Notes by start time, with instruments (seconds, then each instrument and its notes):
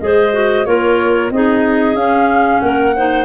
0.00 tuba G#3, clarinet G#4 C5, flute D#5
0.33 clarinet F#4
0.65 tuba A#3, clarinet F4 A#4, flute C#5
1.30 tuba C4, clarinet D#4 G#4, flute D#5
1.94 tuba C#4, clarinet C#4, flute F5
2.60 tuba A#3, clarinet A#4, flute F#5
2.96 clarinet D#4 C5